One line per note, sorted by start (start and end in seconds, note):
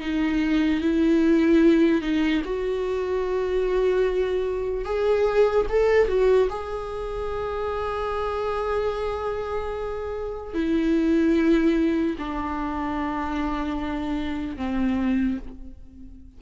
0.00 0.81 D#4
0.81 2.02 E4
2.02 2.42 D#4
2.44 4.85 F#4
4.85 5.66 G#4
5.69 6.08 A4
6.08 6.48 F#4
6.49 10.54 G#4
10.54 12.16 E4
12.18 14.57 D4
14.57 15.38 C4